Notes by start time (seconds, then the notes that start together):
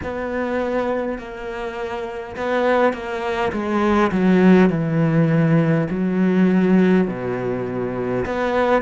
0.02 B3
1.18 A#3
2.36 B3
2.93 A#3
3.52 G#3
4.11 F#3
4.70 E3
5.90 F#3
7.07 B2
8.25 B3